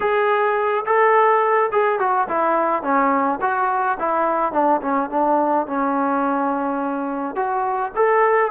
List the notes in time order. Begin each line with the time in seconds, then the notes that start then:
0.00 G#4
0.85 A4
1.72 G#4
1.99 F#4
2.28 E4
2.82 C#4
3.41 F#4
3.99 E4
4.52 D4
4.81 C#4
5.10 D4
5.66 C#4
7.35 F#4
7.95 A4